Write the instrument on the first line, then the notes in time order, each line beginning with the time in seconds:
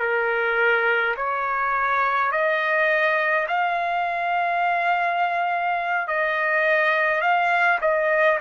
trumpet
0.00 A#4
1.17 C#5
2.32 D#5
3.48 F5
6.08 D#5
7.21 F5
7.81 D#5